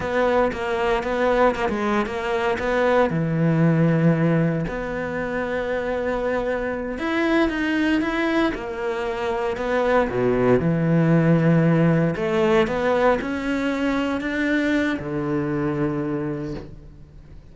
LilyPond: \new Staff \with { instrumentName = "cello" } { \time 4/4 \tempo 4 = 116 b4 ais4 b4 ais16 gis8. | ais4 b4 e2~ | e4 b2.~ | b4. e'4 dis'4 e'8~ |
e'8 ais2 b4 b,8~ | b,8 e2. a8~ | a8 b4 cis'2 d'8~ | d'4 d2. | }